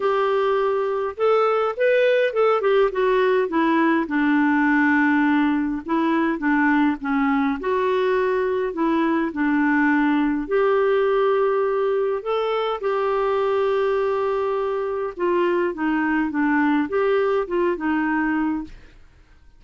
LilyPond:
\new Staff \with { instrumentName = "clarinet" } { \time 4/4 \tempo 4 = 103 g'2 a'4 b'4 | a'8 g'8 fis'4 e'4 d'4~ | d'2 e'4 d'4 | cis'4 fis'2 e'4 |
d'2 g'2~ | g'4 a'4 g'2~ | g'2 f'4 dis'4 | d'4 g'4 f'8 dis'4. | }